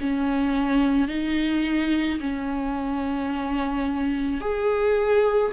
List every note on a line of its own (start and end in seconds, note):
0.00 1.08 C#4
1.08 2.19 D#4
2.20 4.40 C#4
4.40 5.52 G#4